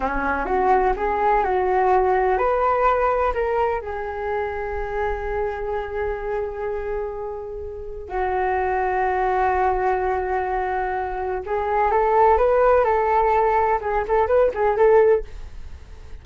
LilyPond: \new Staff \with { instrumentName = "flute" } { \time 4/4 \tempo 4 = 126 cis'4 fis'4 gis'4 fis'4~ | fis'4 b'2 ais'4 | gis'1~ | gis'1~ |
gis'4 fis'2.~ | fis'1 | gis'4 a'4 b'4 a'4~ | a'4 gis'8 a'8 b'8 gis'8 a'4 | }